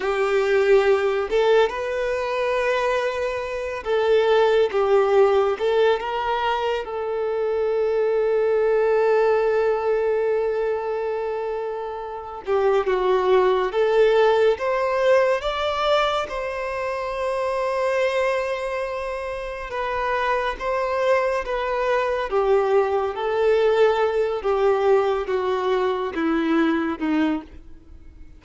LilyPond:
\new Staff \with { instrumentName = "violin" } { \time 4/4 \tempo 4 = 70 g'4. a'8 b'2~ | b'8 a'4 g'4 a'8 ais'4 | a'1~ | a'2~ a'8 g'8 fis'4 |
a'4 c''4 d''4 c''4~ | c''2. b'4 | c''4 b'4 g'4 a'4~ | a'8 g'4 fis'4 e'4 dis'8 | }